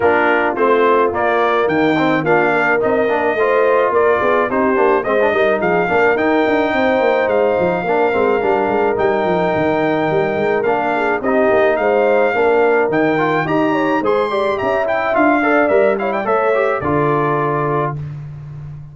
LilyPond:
<<
  \new Staff \with { instrumentName = "trumpet" } { \time 4/4 \tempo 4 = 107 ais'4 c''4 d''4 g''4 | f''4 dis''2 d''4 | c''4 dis''4 f''4 g''4~ | g''4 f''2. |
g''2. f''4 | dis''4 f''2 g''4 | ais''4 c'''4 ais''8 g''8 f''4 | e''8 f''16 g''16 e''4 d''2 | }
  \new Staff \with { instrumentName = "horn" } { \time 4/4 f'2. dis'4 | f'8 ais'4. c''4 ais'8 gis'8 | g'4 c''8 ais'8 gis'8 ais'4. | c''2 ais'2~ |
ais'2.~ ais'8 gis'8 | g'4 c''4 ais'2 | dis''8 cis''8 c''8 d''8 e''4. d''8~ | d''8 cis''16 d''16 cis''4 a'2 | }
  \new Staff \with { instrumentName = "trombone" } { \time 4/4 d'4 c'4 ais4. c'8 | d'4 dis'8 d'8 f'2 | dis'8 d'8 c'16 d'16 dis'4 d'8 dis'4~ | dis'2 d'8 c'8 d'4 |
dis'2. d'4 | dis'2 d'4 dis'8 f'8 | g'4 gis'8 g'4 e'8 f'8 a'8 | ais'8 e'8 a'8 g'8 f'2 | }
  \new Staff \with { instrumentName = "tuba" } { \time 4/4 ais4 a4 ais4 dis4 | ais4 c'8 ais8 a4 ais8 b8 | c'8 ais8 gis8 g8 f8 ais8 dis'8 d'8 | c'8 ais8 gis8 f8 ais8 gis8 g8 gis8 |
g8 f8 dis4 g8 gis8 ais4 | c'8 ais8 gis4 ais4 dis4 | dis'4 gis4 cis'4 d'4 | g4 a4 d2 | }
>>